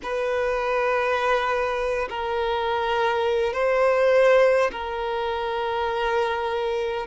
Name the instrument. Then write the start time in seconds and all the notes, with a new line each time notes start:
violin
0.02 B4
2.09 A#4
3.53 C5
4.71 A#4